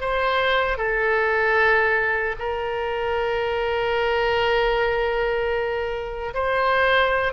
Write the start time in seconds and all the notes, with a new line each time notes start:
0.00 C5
0.78 A4
2.39 A#4
6.34 C5